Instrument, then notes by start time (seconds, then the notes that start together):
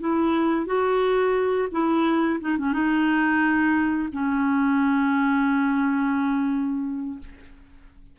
clarinet
0.00 E4
0.66 F#4
1.71 E4
2.40 D#4
2.58 C#4
2.73 D#4
4.12 C#4